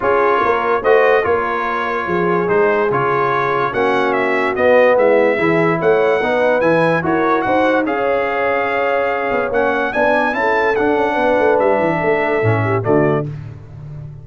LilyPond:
<<
  \new Staff \with { instrumentName = "trumpet" } { \time 4/4 \tempo 4 = 145 cis''2 dis''4 cis''4~ | cis''2 c''4 cis''4~ | cis''4 fis''4 e''4 dis''4 | e''2 fis''2 |
gis''4 cis''4 fis''4 f''4~ | f''2. fis''4 | gis''4 a''4 fis''2 | e''2. d''4 | }
  \new Staff \with { instrumentName = "horn" } { \time 4/4 gis'4 ais'4 c''4 ais'4~ | ais'4 gis'2.~ | gis'4 fis'2. | e'4 gis'4 cis''4 b'4~ |
b'4 ais'4 c''4 cis''4~ | cis''1 | d''4 a'2 b'4~ | b'4 a'4. g'8 fis'4 | }
  \new Staff \with { instrumentName = "trombone" } { \time 4/4 f'2 fis'4 f'4~ | f'2 dis'4 f'4~ | f'4 cis'2 b4~ | b4 e'2 dis'4 |
e'4 fis'2 gis'4~ | gis'2. cis'4 | d'4 e'4 d'2~ | d'2 cis'4 a4 | }
  \new Staff \with { instrumentName = "tuba" } { \time 4/4 cis'4 ais4 a4 ais4~ | ais4 f4 gis4 cis4~ | cis4 ais2 b4 | gis4 e4 a4 b4 |
e4 e'4 dis'4 cis'4~ | cis'2~ cis'8 b8 ais4 | b4 cis'4 d'8 cis'8 b8 a8 | g8 e8 a4 a,4 d4 | }
>>